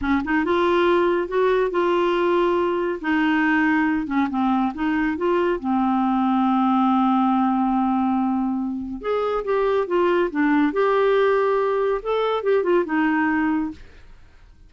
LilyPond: \new Staff \with { instrumentName = "clarinet" } { \time 4/4 \tempo 4 = 140 cis'8 dis'8 f'2 fis'4 | f'2. dis'4~ | dis'4. cis'8 c'4 dis'4 | f'4 c'2.~ |
c'1~ | c'4 gis'4 g'4 f'4 | d'4 g'2. | a'4 g'8 f'8 dis'2 | }